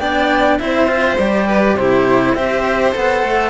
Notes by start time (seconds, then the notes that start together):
0.00 B3 D4 D5 G5
0.59 C4 E4 C5 E5
0.88 F4
1.18 G3 G4 D5
1.48 B4
1.75 C3 E4 G4 C5
2.35 C4 G4 C5 E5
2.93 B3 A4 F#5
3.23 A3